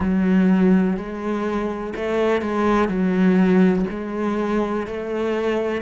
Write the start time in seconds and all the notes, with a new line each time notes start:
0.00 F#3
0.97 G#3
1.95 A3
2.41 G#3
2.88 F#3
3.90 G#3
4.87 A3